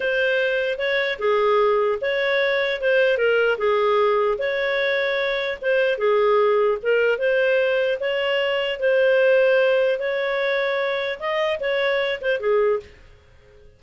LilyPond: \new Staff \with { instrumentName = "clarinet" } { \time 4/4 \tempo 4 = 150 c''2 cis''4 gis'4~ | gis'4 cis''2 c''4 | ais'4 gis'2 cis''4~ | cis''2 c''4 gis'4~ |
gis'4 ais'4 c''2 | cis''2 c''2~ | c''4 cis''2. | dis''4 cis''4. c''8 gis'4 | }